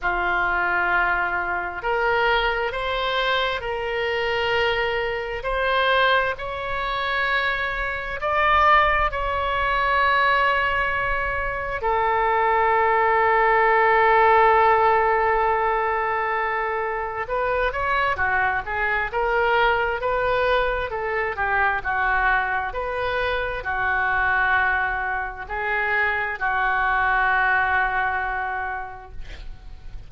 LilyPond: \new Staff \with { instrumentName = "oboe" } { \time 4/4 \tempo 4 = 66 f'2 ais'4 c''4 | ais'2 c''4 cis''4~ | cis''4 d''4 cis''2~ | cis''4 a'2.~ |
a'2. b'8 cis''8 | fis'8 gis'8 ais'4 b'4 a'8 g'8 | fis'4 b'4 fis'2 | gis'4 fis'2. | }